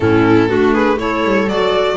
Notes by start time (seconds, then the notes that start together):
0.00 A2 C#4 E4 A4
0.48 A3 D4 F#4
0.73 G#4 B4
0.97 E4 A4 C#5
1.24 G3
1.48 F#3 F#4 D5